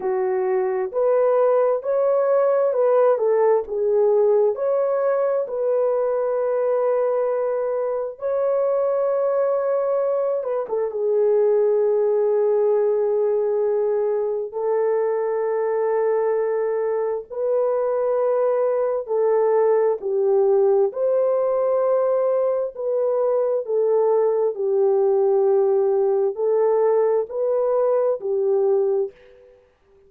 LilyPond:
\new Staff \with { instrumentName = "horn" } { \time 4/4 \tempo 4 = 66 fis'4 b'4 cis''4 b'8 a'8 | gis'4 cis''4 b'2~ | b'4 cis''2~ cis''8 b'16 a'16 | gis'1 |
a'2. b'4~ | b'4 a'4 g'4 c''4~ | c''4 b'4 a'4 g'4~ | g'4 a'4 b'4 g'4 | }